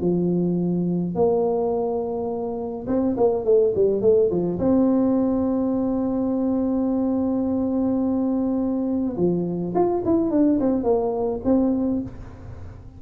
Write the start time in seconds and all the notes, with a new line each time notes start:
0.00 F3
1.14 A#3
2.87 C4
3.17 A#3
3.44 A3
3.75 G3
4.01 A3
4.30 F3
4.58 C4
9.16 F3
9.74 F4
10.04 E4
10.30 D4
10.59 C4
10.83 A#3
11.44 C4